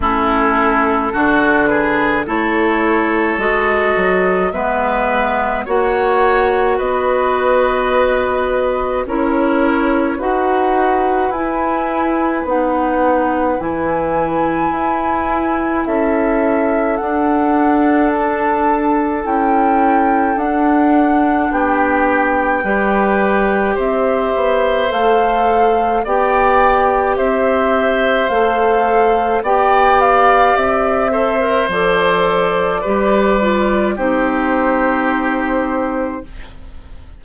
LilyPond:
<<
  \new Staff \with { instrumentName = "flute" } { \time 4/4 \tempo 4 = 53 a'4. b'8 cis''4 dis''4 | e''4 fis''4 dis''2 | cis''4 fis''4 gis''4 fis''4 | gis''2 e''4 fis''4 |
a''4 g''4 fis''4 g''4~ | g''4 e''4 f''4 g''4 | e''4 f''4 g''8 f''8 e''4 | d''2 c''2 | }
  \new Staff \with { instrumentName = "oboe" } { \time 4/4 e'4 fis'8 gis'8 a'2 | b'4 cis''4 b'2 | ais'4 b'2.~ | b'2 a'2~ |
a'2. g'4 | b'4 c''2 d''4 | c''2 d''4. c''8~ | c''4 b'4 g'2 | }
  \new Staff \with { instrumentName = "clarinet" } { \time 4/4 cis'4 d'4 e'4 fis'4 | b4 fis'2. | e'4 fis'4 e'4 dis'4 | e'2. d'4~ |
d'4 e'4 d'2 | g'2 a'4 g'4~ | g'4 a'4 g'4. a'16 ais'16 | a'4 g'8 f'8 dis'2 | }
  \new Staff \with { instrumentName = "bassoon" } { \time 4/4 a4 d4 a4 gis8 fis8 | gis4 ais4 b2 | cis'4 dis'4 e'4 b4 | e4 e'4 cis'4 d'4~ |
d'4 cis'4 d'4 b4 | g4 c'8 b8 a4 b4 | c'4 a4 b4 c'4 | f4 g4 c'2 | }
>>